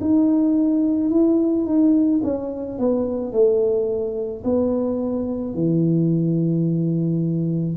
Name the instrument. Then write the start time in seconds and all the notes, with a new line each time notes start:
tuba
0.00 D#4
1.10 E4
1.65 D#4
2.23 C#4
2.78 B3
3.32 A3
4.44 B3
5.54 E3